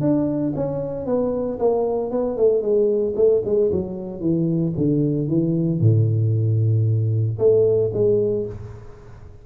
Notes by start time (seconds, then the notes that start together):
0.00 D4
0.55 C#4
1.06 B3
1.59 A#3
2.11 B3
2.37 A3
2.61 G#3
3.16 A3
3.44 G#3
3.72 F#3
4.20 E3
4.77 D3
5.28 E3
5.80 A2
7.38 A3
7.93 G#3